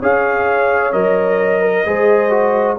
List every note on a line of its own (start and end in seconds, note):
0.00 0.93 C#4
0.00 0.93 G#4
0.00 1.62 C#5
0.00 0.93 F5
0.93 1.86 F#3
0.93 1.85 A#4
0.93 2.78 D#5
1.62 1.85 A#4
1.86 2.79 G#3
1.86 2.30 G#4
1.86 2.79 C5
2.30 2.77 F#4